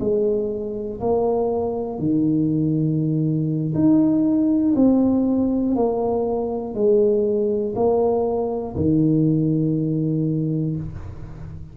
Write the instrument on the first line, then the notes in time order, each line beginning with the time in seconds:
tuba
0.00 G#3
1.00 A#3
1.99 D#3
3.75 D#4
4.76 C4
5.75 A#3
6.74 G#3
7.75 A#3
8.76 D#3